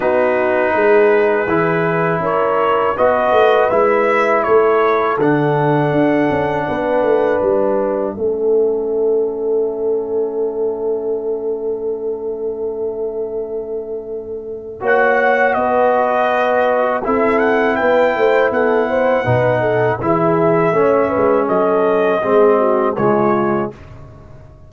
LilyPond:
<<
  \new Staff \with { instrumentName = "trumpet" } { \time 4/4 \tempo 4 = 81 b'2. cis''4 | dis''4 e''4 cis''4 fis''4~ | fis''2 e''2~ | e''1~ |
e''1 | fis''4 dis''2 e''8 fis''8 | g''4 fis''2 e''4~ | e''4 dis''2 cis''4 | }
  \new Staff \with { instrumentName = "horn" } { \time 4/4 fis'4 gis'2 ais'4 | b'2 a'2~ | a'4 b'2 a'4~ | a'1~ |
a'1 | cis''4 b'2 a'4 | b'8 c''8 a'8 c''8 b'8 a'8 gis'4 | cis''8 b'8 a'4 gis'8 fis'8 f'4 | }
  \new Staff \with { instrumentName = "trombone" } { \time 4/4 dis'2 e'2 | fis'4 e'2 d'4~ | d'2. cis'4~ | cis'1~ |
cis'1 | fis'2. e'4~ | e'2 dis'4 e'4 | cis'2 c'4 gis4 | }
  \new Staff \with { instrumentName = "tuba" } { \time 4/4 b4 gis4 e4 cis'4 | b8 a8 gis4 a4 d4 | d'8 cis'8 b8 a8 g4 a4~ | a1~ |
a1 | ais4 b2 c'4 | b8 a8 b4 b,4 e4 | a8 gis8 fis4 gis4 cis4 | }
>>